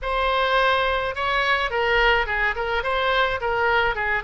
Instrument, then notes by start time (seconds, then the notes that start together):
oboe
0.02 C5
1.15 C#5
1.70 A#4
2.26 G#4
2.55 A#4
2.83 C5
3.40 A#4
3.95 G#4